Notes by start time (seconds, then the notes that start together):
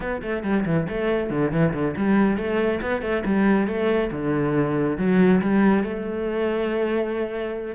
0.00 B3
0.21 A3
0.43 G3
0.65 E3
0.88 A3
1.29 D3
1.51 E3
1.73 D3
1.96 G3
2.37 A3
2.81 B3
3.01 A3
3.25 G3
3.67 A3
4.11 D3
4.97 F#3
5.41 G3
5.83 A3